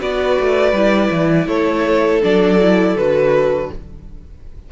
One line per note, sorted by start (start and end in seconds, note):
0.00 0.39 B3
0.00 0.74 F#4
0.00 1.48 B4
0.00 1.48 D5
0.40 0.73 A3
0.73 1.10 G3
0.73 2.23 E4
1.11 1.48 E3
1.48 2.22 A3
1.48 3.70 A4
1.48 2.22 C#5
2.23 2.96 F#3
2.23 2.60 D4
2.23 2.98 D5
2.61 2.98 E4
2.96 3.70 D3
2.96 3.72 F#4
2.96 3.72 B4